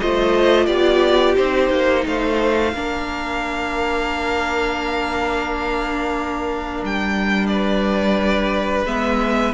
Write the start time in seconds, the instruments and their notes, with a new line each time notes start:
0.00 cello A3, viola F4, violin C5 D#5
0.66 cello B3, violin G4 D5
1.36 cello C4, viola D#4, violin C5
1.70 cello A#3
2.05 cello A3, violin C5 F5
2.73 cello A#3, viola D4, violin A#4
6.83 cello G3, violin G5
7.47 violin B4 D5
8.85 cello G#3, viola B3, violin E5